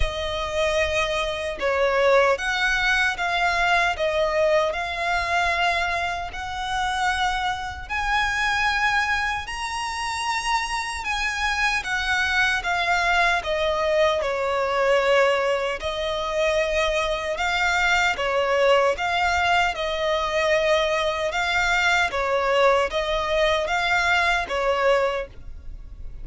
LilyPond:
\new Staff \with { instrumentName = "violin" } { \time 4/4 \tempo 4 = 76 dis''2 cis''4 fis''4 | f''4 dis''4 f''2 | fis''2 gis''2 | ais''2 gis''4 fis''4 |
f''4 dis''4 cis''2 | dis''2 f''4 cis''4 | f''4 dis''2 f''4 | cis''4 dis''4 f''4 cis''4 | }